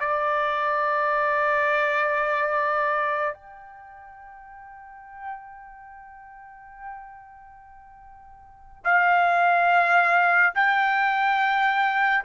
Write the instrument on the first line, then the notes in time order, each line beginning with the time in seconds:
trumpet
0.00 D5
3.34 G5
8.85 F5
10.55 G5